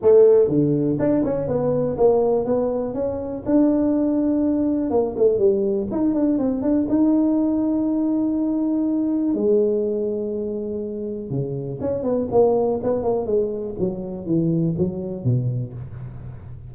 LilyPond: \new Staff \with { instrumentName = "tuba" } { \time 4/4 \tempo 4 = 122 a4 d4 d'8 cis'8 b4 | ais4 b4 cis'4 d'4~ | d'2 ais8 a8 g4 | dis'8 d'8 c'8 d'8 dis'2~ |
dis'2. gis4~ | gis2. cis4 | cis'8 b8 ais4 b8 ais8 gis4 | fis4 e4 fis4 b,4 | }